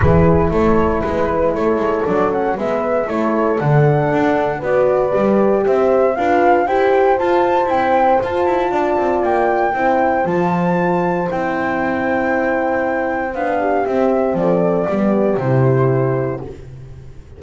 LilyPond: <<
  \new Staff \with { instrumentName = "flute" } { \time 4/4 \tempo 4 = 117 b'4 cis''4 b'4 cis''4 | d''8 fis''8 e''4 cis''4 fis''4~ | fis''4 d''2 e''4 | f''4 g''4 a''4 g''4 |
a''2 g''2 | a''2 g''2~ | g''2 f''4 e''4 | d''2 c''2 | }
  \new Staff \with { instrumentName = "horn" } { \time 4/4 gis'4 a'4 b'4 a'4~ | a'4 b'4 a'2~ | a'4 b'2 c''4 | b'4 c''2.~ |
c''4 d''2 c''4~ | c''1~ | c''2~ c''8 g'4. | a'4 g'2. | }
  \new Staff \with { instrumentName = "horn" } { \time 4/4 e'1 | d'8 cis'8 b4 e'4 d'4~ | d'4 fis'4 g'2 | f'4 g'4 f'4 c'4 |
f'2. e'4 | f'2 e'2~ | e'2 d'4 c'4~ | c'4 b4 e'2 | }
  \new Staff \with { instrumentName = "double bass" } { \time 4/4 e4 a4 gis4 a8 gis8 | fis4 gis4 a4 d4 | d'4 b4 g4 c'4 | d'4 e'4 f'4 e'4 |
f'8 e'8 d'8 c'8 ais4 c'4 | f2 c'2~ | c'2 b4 c'4 | f4 g4 c2 | }
>>